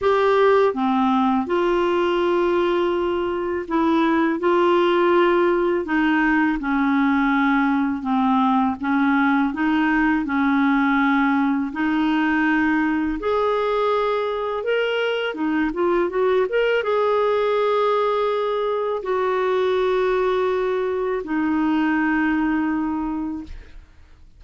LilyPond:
\new Staff \with { instrumentName = "clarinet" } { \time 4/4 \tempo 4 = 82 g'4 c'4 f'2~ | f'4 e'4 f'2 | dis'4 cis'2 c'4 | cis'4 dis'4 cis'2 |
dis'2 gis'2 | ais'4 dis'8 f'8 fis'8 ais'8 gis'4~ | gis'2 fis'2~ | fis'4 dis'2. | }